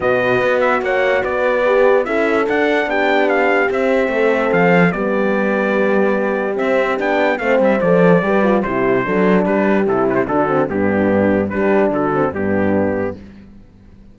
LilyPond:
<<
  \new Staff \with { instrumentName = "trumpet" } { \time 4/4 \tempo 4 = 146 dis''4. e''8 fis''4 d''4~ | d''4 e''4 fis''4 g''4 | f''4 e''2 f''4 | d''1 |
e''4 g''4 f''8 e''8 d''4~ | d''4 c''2 b'4 | a'8 b'16 c''16 a'4 g'2 | b'4 a'4 g'2 | }
  \new Staff \with { instrumentName = "horn" } { \time 4/4 b'2 cis''4 b'4~ | b'4 a'2 g'4~ | g'2 a'2 | g'1~ |
g'2 c''2 | b'4 g'4 a'4 g'4~ | g'4 fis'4 d'2 | g'4 fis'4 d'2 | }
  \new Staff \with { instrumentName = "horn" } { \time 4/4 fis'1 | g'4 e'4 d'2~ | d'4 c'2. | b1 |
c'4 d'4 c'4 a'4 | g'8 f'8 e'4 d'2 | e'4 d'8 c'8 b2 | d'4. c'8 b2 | }
  \new Staff \with { instrumentName = "cello" } { \time 4/4 b,4 b4 ais4 b4~ | b4 cis'4 d'4 b4~ | b4 c'4 a4 f4 | g1 |
c'4 b4 a8 g8 f4 | g4 c4 fis4 g4 | c4 d4 g,2 | g4 d4 g,2 | }
>>